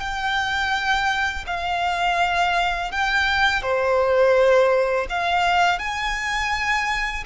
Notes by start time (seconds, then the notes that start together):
0.00 G5
1.46 F5
2.91 G5
3.62 C5
5.09 F5
5.79 G#5